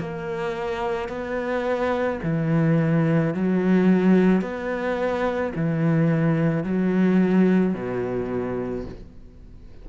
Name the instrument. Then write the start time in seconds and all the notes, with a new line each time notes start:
cello
0.00 A#3
1.09 B3
2.23 E3
3.34 F#3
4.42 B3
5.56 E3
6.64 F#3
7.75 B2